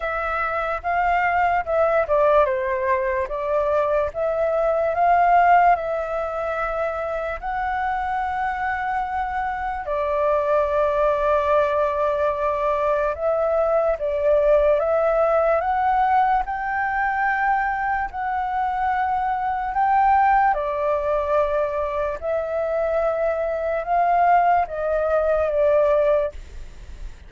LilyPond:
\new Staff \with { instrumentName = "flute" } { \time 4/4 \tempo 4 = 73 e''4 f''4 e''8 d''8 c''4 | d''4 e''4 f''4 e''4~ | e''4 fis''2. | d''1 |
e''4 d''4 e''4 fis''4 | g''2 fis''2 | g''4 d''2 e''4~ | e''4 f''4 dis''4 d''4 | }